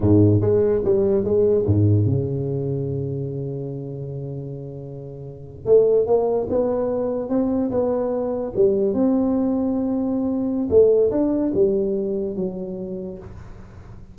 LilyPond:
\new Staff \with { instrumentName = "tuba" } { \time 4/4 \tempo 4 = 146 gis,4 gis4 g4 gis4 | gis,4 cis2.~ | cis1~ | cis4.~ cis16 a4 ais4 b16~ |
b4.~ b16 c'4 b4~ b16~ | b8. g4 c'2~ c'16~ | c'2 a4 d'4 | g2 fis2 | }